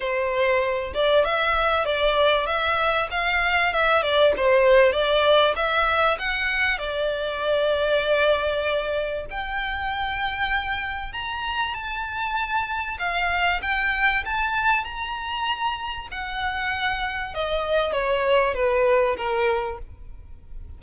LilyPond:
\new Staff \with { instrumentName = "violin" } { \time 4/4 \tempo 4 = 97 c''4. d''8 e''4 d''4 | e''4 f''4 e''8 d''8 c''4 | d''4 e''4 fis''4 d''4~ | d''2. g''4~ |
g''2 ais''4 a''4~ | a''4 f''4 g''4 a''4 | ais''2 fis''2 | dis''4 cis''4 b'4 ais'4 | }